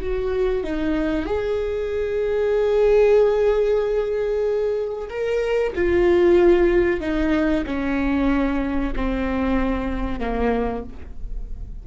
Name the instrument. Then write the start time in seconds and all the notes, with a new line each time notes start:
viola
0.00 F#4
0.63 D#4
1.25 G#4
5.09 A#4
5.75 F4
7.00 D#4
7.65 C#4
8.95 C4
10.19 A#3